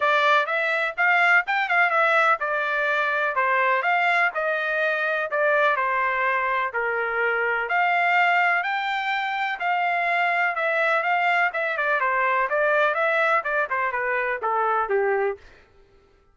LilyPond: \new Staff \with { instrumentName = "trumpet" } { \time 4/4 \tempo 4 = 125 d''4 e''4 f''4 g''8 f''8 | e''4 d''2 c''4 | f''4 dis''2 d''4 | c''2 ais'2 |
f''2 g''2 | f''2 e''4 f''4 | e''8 d''8 c''4 d''4 e''4 | d''8 c''8 b'4 a'4 g'4 | }